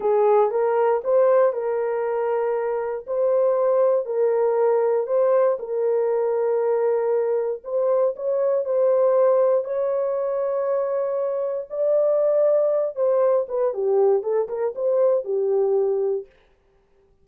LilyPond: \new Staff \with { instrumentName = "horn" } { \time 4/4 \tempo 4 = 118 gis'4 ais'4 c''4 ais'4~ | ais'2 c''2 | ais'2 c''4 ais'4~ | ais'2. c''4 |
cis''4 c''2 cis''4~ | cis''2. d''4~ | d''4. c''4 b'8 g'4 | a'8 ais'8 c''4 g'2 | }